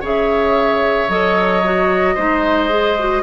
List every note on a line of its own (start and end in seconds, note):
0.00 1.08 C#3
0.00 1.08 G#4
0.00 2.14 C#5
0.00 1.10 E5
1.08 2.15 F#3
1.08 1.62 A4
1.08 3.22 D#5
1.64 2.16 F#4
2.15 3.22 G#3
2.15 2.69 D#4
2.15 3.22 C5
2.69 2.96 G#4
2.99 3.22 F#4